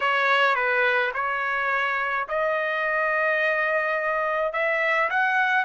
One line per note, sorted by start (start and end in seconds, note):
0.00 0.55 C#5
0.55 1.11 B4
1.14 2.27 C#5
2.28 4.52 D#5
4.52 5.09 E5
5.09 5.64 F#5